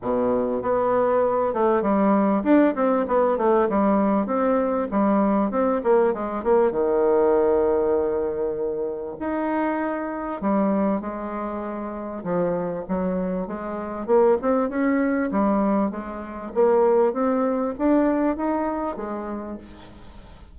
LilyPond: \new Staff \with { instrumentName = "bassoon" } { \time 4/4 \tempo 4 = 98 b,4 b4. a8 g4 | d'8 c'8 b8 a8 g4 c'4 | g4 c'8 ais8 gis8 ais8 dis4~ | dis2. dis'4~ |
dis'4 g4 gis2 | f4 fis4 gis4 ais8 c'8 | cis'4 g4 gis4 ais4 | c'4 d'4 dis'4 gis4 | }